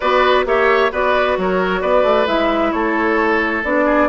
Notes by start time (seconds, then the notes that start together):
0.00 B3 F#4 B4 D5
0.45 A#3 G4 C#5 E5
0.91 B3 F#4 B4 D5
1.37 F#3 A#4 C#5
1.81 B3 B4 D5
2.03 A3
2.26 G#3 E4 E5
2.72 A3 A4 C#5
3.64 B3 D4 D5
3.85 G#4